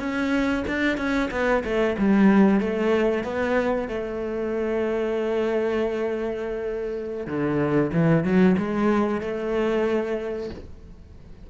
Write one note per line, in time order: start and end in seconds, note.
0.00 0.65 C#4
0.68 0.98 D4
0.98 1.30 C#4
1.32 1.64 B3
1.65 1.97 A3
1.99 2.61 G3
2.61 3.24 A3
3.24 3.89 B3
3.89 7.27 A3
7.27 7.91 D3
7.94 8.24 E3
8.24 8.57 F#3
8.59 9.21 G#3
9.21 10.50 A3